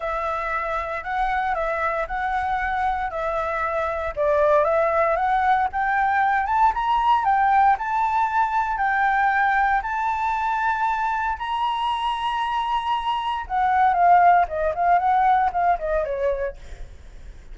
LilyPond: \new Staff \with { instrumentName = "flute" } { \time 4/4 \tempo 4 = 116 e''2 fis''4 e''4 | fis''2 e''2 | d''4 e''4 fis''4 g''4~ | g''8 a''8 ais''4 g''4 a''4~ |
a''4 g''2 a''4~ | a''2 ais''2~ | ais''2 fis''4 f''4 | dis''8 f''8 fis''4 f''8 dis''8 cis''4 | }